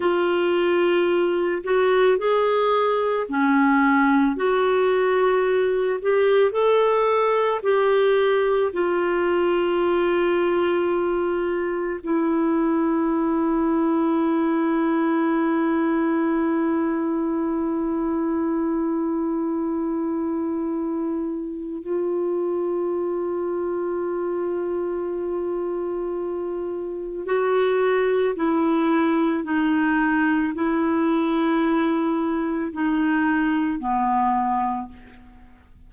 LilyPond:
\new Staff \with { instrumentName = "clarinet" } { \time 4/4 \tempo 4 = 55 f'4. fis'8 gis'4 cis'4 | fis'4. g'8 a'4 g'4 | f'2. e'4~ | e'1~ |
e'1 | f'1~ | f'4 fis'4 e'4 dis'4 | e'2 dis'4 b4 | }